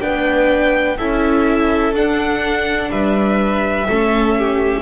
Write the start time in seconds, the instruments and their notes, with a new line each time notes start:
0.00 double bass B3, viola D4, violin B4 G5
0.97 double bass C#4, viola E4, violin A4 E5
1.93 double bass D4, viola D4, violin F#5
2.90 double bass G3, violin B4 E5
3.89 double bass A3, viola C#4, violin A4
4.37 violin G4